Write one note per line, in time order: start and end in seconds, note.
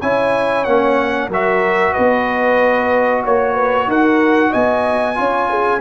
0.00 0.67 C#4
0.00 0.66 E4
0.00 1.29 C#5
0.00 0.65 G#5
0.65 1.29 A#3
0.65 1.31 C#4
0.65 1.29 F#5
1.29 1.93 F#3
1.29 5.16 F#4
1.29 1.94 A#4
1.29 1.94 E5
1.94 3.26 B3
1.94 3.23 B4
1.94 3.23 D#5
3.25 3.87 A#3
3.25 3.54 C#5
3.25 3.91 C#5
3.54 3.87 B4
3.87 4.52 D#4
3.87 4.51 A#4
3.87 4.53 F#5
4.51 5.19 B3
4.51 5.15 D#5
4.51 5.81 G#5
5.16 5.81 C#4
5.16 5.80 F4
5.16 5.51 C#5
5.51 5.81 G#4